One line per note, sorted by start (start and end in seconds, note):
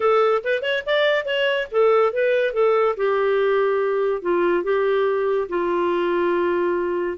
0.00 0.42 A4
0.43 0.62 B4
0.62 0.83 C#5
0.85 1.25 D5
1.25 1.67 C#5
1.71 2.12 A4
2.12 2.53 B4
2.53 2.95 A4
2.97 4.22 G4
4.22 4.63 F4
4.63 5.48 G4
5.49 7.17 F4